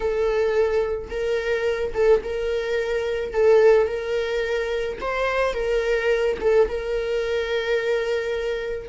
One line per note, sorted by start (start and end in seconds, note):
0.00 1.09 A4
1.10 1.93 A#4
1.93 2.21 A4
2.23 3.33 A#4
3.33 3.87 A4
3.87 4.98 A#4
5.00 5.53 C5
5.53 6.37 A#4
6.40 6.68 A4
6.68 8.89 A#4